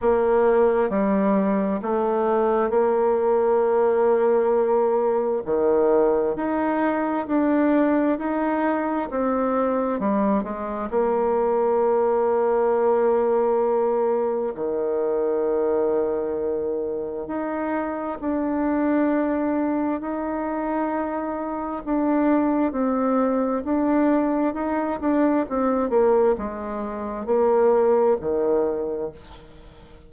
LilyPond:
\new Staff \with { instrumentName = "bassoon" } { \time 4/4 \tempo 4 = 66 ais4 g4 a4 ais4~ | ais2 dis4 dis'4 | d'4 dis'4 c'4 g8 gis8 | ais1 |
dis2. dis'4 | d'2 dis'2 | d'4 c'4 d'4 dis'8 d'8 | c'8 ais8 gis4 ais4 dis4 | }